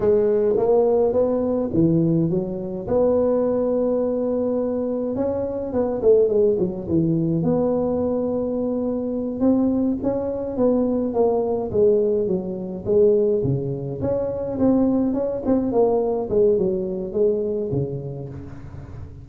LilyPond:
\new Staff \with { instrumentName = "tuba" } { \time 4/4 \tempo 4 = 105 gis4 ais4 b4 e4 | fis4 b2.~ | b4 cis'4 b8 a8 gis8 fis8 | e4 b2.~ |
b8 c'4 cis'4 b4 ais8~ | ais8 gis4 fis4 gis4 cis8~ | cis8 cis'4 c'4 cis'8 c'8 ais8~ | ais8 gis8 fis4 gis4 cis4 | }